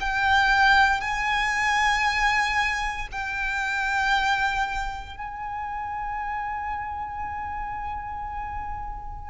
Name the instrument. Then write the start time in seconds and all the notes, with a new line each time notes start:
violin
0.00 G5
1.01 G#5
3.11 G5
5.17 G#5